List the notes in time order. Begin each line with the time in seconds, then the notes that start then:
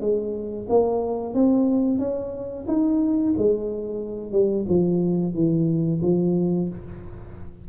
0.00 G#3
0.69 A#3
1.34 C4
1.98 C#4
2.67 D#4
3.37 G#3
4.32 G3
4.68 F3
5.34 E3
6.02 F3